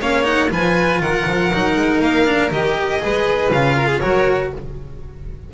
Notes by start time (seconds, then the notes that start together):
0.00 A#3 C#4 C#5 F5
0.24 D#4 F#5
0.49 F3 F4 B4 G#5
1.00 D#3 A#4 F#5
1.27 F3
1.54 F#3 D#4
1.76 G#3
2.01 A#3 F5
2.26 D4
2.51 D#3 G4 D#5
2.99 G#3 G#4 B4
3.51 C#3 F4 F5
3.76 A#4
3.87 G#4
4.00 F#3 F#4 A#4 C#5